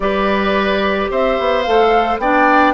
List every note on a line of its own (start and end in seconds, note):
0.00 1.09 G3
0.00 1.65 G4
0.00 1.10 B4
0.00 1.08 D5
1.10 1.38 C4
1.10 2.21 C5
1.10 1.62 E5
1.38 1.66 B3
1.62 2.18 A3
1.62 2.21 A4
1.62 2.17 F5
2.18 2.73 B3
2.18 2.74 D4
2.18 2.74 D5
2.18 2.74 G5